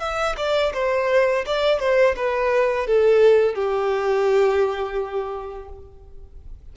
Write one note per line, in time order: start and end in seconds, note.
0.00 0.36 E5
0.37 0.73 D5
0.74 1.45 C5
1.46 1.80 D5
1.80 2.15 C5
2.16 2.87 B4
2.87 3.55 A4
3.55 5.69 G4